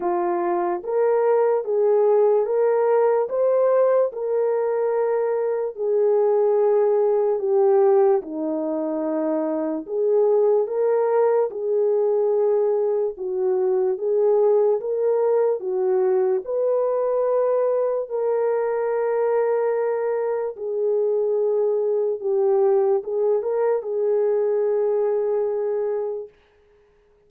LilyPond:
\new Staff \with { instrumentName = "horn" } { \time 4/4 \tempo 4 = 73 f'4 ais'4 gis'4 ais'4 | c''4 ais'2 gis'4~ | gis'4 g'4 dis'2 | gis'4 ais'4 gis'2 |
fis'4 gis'4 ais'4 fis'4 | b'2 ais'2~ | ais'4 gis'2 g'4 | gis'8 ais'8 gis'2. | }